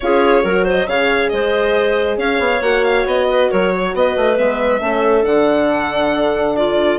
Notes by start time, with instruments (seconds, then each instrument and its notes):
0.00 bassoon C#4, horn F4, clarinet G#4, violin C#5
0.43 bassoon F#3, horn F#4, clarinet A#4
0.64 clarinet C5, violin D#5
0.87 bassoon C#3, horn G#4, clarinet C#5, violin F5
1.29 bassoon G#3, clarinet C5, violin D#5
2.17 bassoon C#4, clarinet C#5, violin F5
2.38 bassoon B3
2.61 bassoon A#3, horn F#4, violin F#5
2.84 violin F5
3.05 bassoon B3, violin D#5
3.29 clarinet B4
3.50 bassoon F#3, clarinet A#4, violin C#5
3.74 clarinet C#5
3.94 bassoon B3, clarinet B4, violin D#5
4.16 bassoon A3
4.36 bassoon G#3, horn B3, violin E5
4.79 bassoon A3, horn C#4, clarinet A4
5.22 bassoon D3, horn D4, violin F#5
6.55 clarinet F4, violin D5